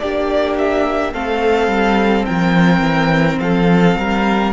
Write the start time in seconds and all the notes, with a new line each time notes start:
0.00 A#3 D4 G4 D5
0.58 E5
1.13 A3 C4 A4 F5
1.68 G3
2.26 F3 A#4 G5
2.81 E3
3.40 F3 A4 F5
3.97 G3 A#4